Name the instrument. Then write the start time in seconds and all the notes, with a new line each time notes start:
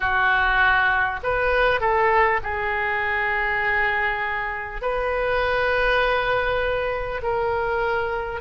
oboe
0.00 F#4
1.23 B4
1.80 A4
2.43 G#4
4.81 B4
7.22 A#4